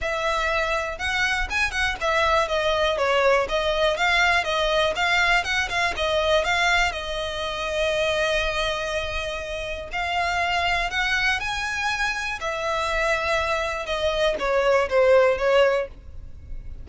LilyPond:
\new Staff \with { instrumentName = "violin" } { \time 4/4 \tempo 4 = 121 e''2 fis''4 gis''8 fis''8 | e''4 dis''4 cis''4 dis''4 | f''4 dis''4 f''4 fis''8 f''8 | dis''4 f''4 dis''2~ |
dis''1 | f''2 fis''4 gis''4~ | gis''4 e''2. | dis''4 cis''4 c''4 cis''4 | }